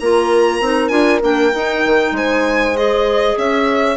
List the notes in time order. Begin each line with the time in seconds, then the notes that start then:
0.00 A#3 F4 A#4 A#5
0.60 C4 D#4
0.88 D4 F4 G#5
1.21 A#3 D4 G5
1.54 D#4
1.86 D#3
2.12 G#3 C5 G#5
2.75 G#4 D#5
3.38 C#4 C#5 E5